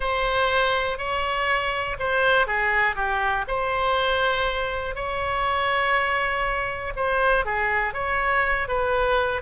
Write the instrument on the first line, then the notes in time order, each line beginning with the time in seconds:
oboe
0.00 C5
0.97 C#5
1.99 C5
2.47 G#4
2.95 G4
3.47 C5
4.95 C#5
6.96 C5
7.45 G#4
7.93 C#5
8.68 B4